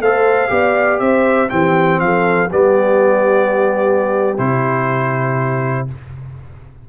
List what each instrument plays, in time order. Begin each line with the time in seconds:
0.00 tuba A3, trombone A4, horn C5, trumpet F5
0.48 tuba B3, trombone G4, horn D5
0.99 tuba C4, horn C5, trumpet E5
1.49 tuba E3, trombone C4, horn G4, trumpet G5
2.00 tuba F3, horn A4, trumpet F5
2.50 tuba G3, trombone B3, horn G4, trumpet D5
4.38 tuba C3, trombone E4, trumpet C5